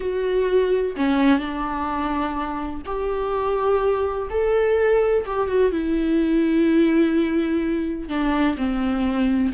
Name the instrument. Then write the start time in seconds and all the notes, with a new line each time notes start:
viola
0.00 F#4
0.96 C#4
1.39 D4
2.85 G4
4.30 A4
5.26 G4
5.47 F#4
5.71 E4
8.08 D4
8.57 C4